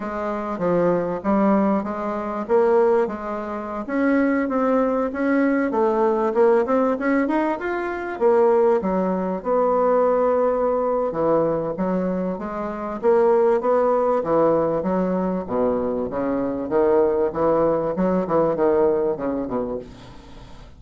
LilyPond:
\new Staff \with { instrumentName = "bassoon" } { \time 4/4 \tempo 4 = 97 gis4 f4 g4 gis4 | ais4 gis4~ gis16 cis'4 c'8.~ | c'16 cis'4 a4 ais8 c'8 cis'8 dis'16~ | dis'16 f'4 ais4 fis4 b8.~ |
b2 e4 fis4 | gis4 ais4 b4 e4 | fis4 b,4 cis4 dis4 | e4 fis8 e8 dis4 cis8 b,8 | }